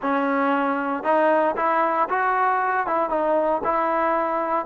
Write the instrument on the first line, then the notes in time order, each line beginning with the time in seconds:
trombone
0.02 C#4
1.03 D#4
1.56 E4
2.09 F#4
2.86 E4
3.09 D#4
3.63 E4